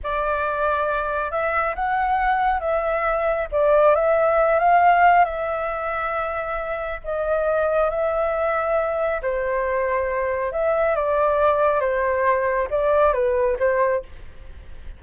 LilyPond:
\new Staff \with { instrumentName = "flute" } { \time 4/4 \tempo 4 = 137 d''2. e''4 | fis''2 e''2 | d''4 e''4. f''4. | e''1 |
dis''2 e''2~ | e''4 c''2. | e''4 d''2 c''4~ | c''4 d''4 b'4 c''4 | }